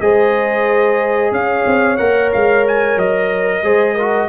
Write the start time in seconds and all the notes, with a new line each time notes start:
0.00 G#3 G#4 C5 D#5
1.31 C#4 C#5 F5
1.66 C4
1.97 A#3 A#4 F#5
2.32 G#3 F5
2.67 G#5
2.96 F#3 D#5
3.62 G#3 G#4 C5
3.94 F#4 A#4